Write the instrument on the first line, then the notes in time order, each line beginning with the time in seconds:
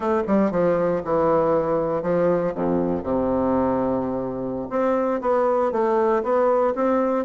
bassoon
0.00 A3
0.27 G3
0.51 F3
1.04 E3
2.02 F3
2.54 F2
3.03 C3
4.70 C4
5.21 B3
5.72 A3
6.23 B3
6.75 C4